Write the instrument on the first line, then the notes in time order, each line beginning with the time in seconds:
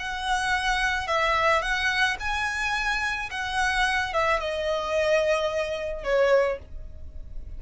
violin
0.00 F#5
1.08 E5
1.62 F#5
2.20 G#5
3.31 F#5
4.14 E5
4.40 D#5
6.04 C#5